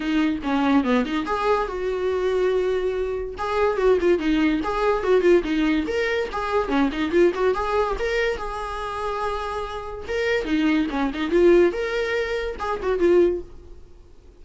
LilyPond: \new Staff \with { instrumentName = "viola" } { \time 4/4 \tempo 4 = 143 dis'4 cis'4 b8 dis'8 gis'4 | fis'1 | gis'4 fis'8 f'8 dis'4 gis'4 | fis'8 f'8 dis'4 ais'4 gis'4 |
cis'8 dis'8 f'8 fis'8 gis'4 ais'4 | gis'1 | ais'4 dis'4 cis'8 dis'8 f'4 | ais'2 gis'8 fis'8 f'4 | }